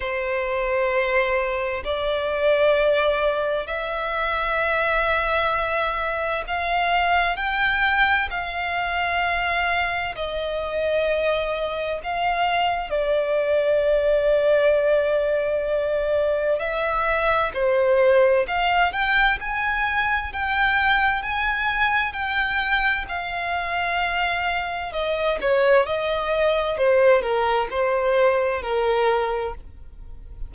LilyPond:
\new Staff \with { instrumentName = "violin" } { \time 4/4 \tempo 4 = 65 c''2 d''2 | e''2. f''4 | g''4 f''2 dis''4~ | dis''4 f''4 d''2~ |
d''2 e''4 c''4 | f''8 g''8 gis''4 g''4 gis''4 | g''4 f''2 dis''8 cis''8 | dis''4 c''8 ais'8 c''4 ais'4 | }